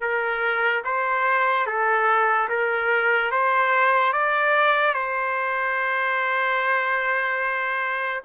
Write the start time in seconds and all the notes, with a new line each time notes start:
0.00 A#4
0.84 C5
1.66 A4
2.48 A#4
3.31 C5
4.13 D5
4.94 C5